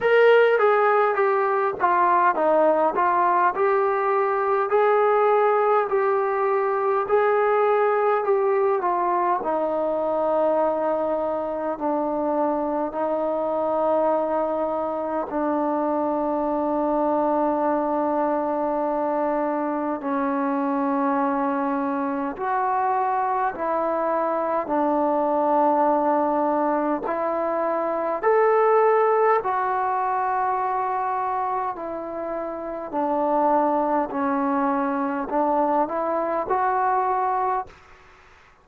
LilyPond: \new Staff \with { instrumentName = "trombone" } { \time 4/4 \tempo 4 = 51 ais'8 gis'8 g'8 f'8 dis'8 f'8 g'4 | gis'4 g'4 gis'4 g'8 f'8 | dis'2 d'4 dis'4~ | dis'4 d'2.~ |
d'4 cis'2 fis'4 | e'4 d'2 e'4 | a'4 fis'2 e'4 | d'4 cis'4 d'8 e'8 fis'4 | }